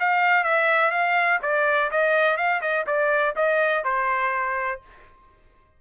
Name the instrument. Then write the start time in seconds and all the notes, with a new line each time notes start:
trumpet
0.00 F5
0.44 E5
0.91 F5
1.43 D5
1.92 D#5
2.37 F5
2.62 D#5
2.87 D5
3.36 D#5
3.84 C5